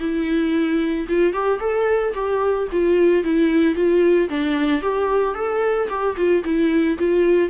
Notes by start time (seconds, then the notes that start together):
0.00 E4
1.09 F4
1.33 G4
1.60 A4
2.15 G4
2.72 F4
3.24 E4
3.75 F4
4.29 D4
4.82 G4
5.35 A4
5.89 G4
6.17 F4
6.44 E4
6.99 F4